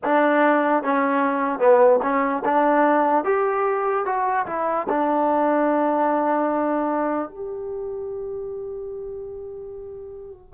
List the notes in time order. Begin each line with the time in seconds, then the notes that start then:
0.04 D4
0.83 C#4
1.59 B3
2.02 C#4
2.44 D4
3.24 G4
4.05 F#4
4.46 E4
4.89 D4
7.29 G4